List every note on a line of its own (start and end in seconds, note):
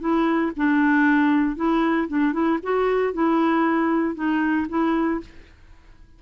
0.00 0.52 E4
0.56 1.56 D4
1.56 2.08 E4
2.08 2.33 D4
2.33 2.58 E4
2.63 3.13 F#4
3.13 4.15 E4
4.15 4.67 D#4
4.69 5.20 E4